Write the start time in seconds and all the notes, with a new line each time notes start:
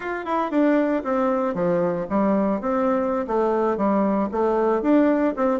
0.00 F4
0.25 E4
0.51 D4
1.03 C4
1.54 F3
2.09 G3
2.60 C4
3.27 A3
3.77 G3
4.31 A3
4.82 D4
5.36 C4